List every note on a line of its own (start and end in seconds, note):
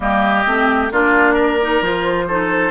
0.00 0.45 G3
0.00 0.45 A#3
0.00 0.92 G4
0.00 0.89 D#5
0.45 0.91 A3
0.45 0.91 C4
0.91 1.81 A#3
0.91 1.59 D4
0.91 1.33 F4
0.91 1.83 D5
1.33 2.24 A#4
1.61 1.82 D#4
1.81 2.71 F3
1.81 2.28 F4
1.81 2.71 C5
2.27 2.71 D#4
2.27 2.71 A4